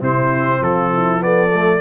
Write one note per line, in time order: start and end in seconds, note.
0.00 0.61 C3
0.00 1.19 C4
0.00 0.61 E4
0.00 0.63 C5
0.61 1.81 F3
0.61 0.93 F4
0.61 1.23 A4
0.94 1.24 E4
1.19 1.49 B3
1.19 1.81 A4
1.19 1.81 D5
1.54 1.81 A3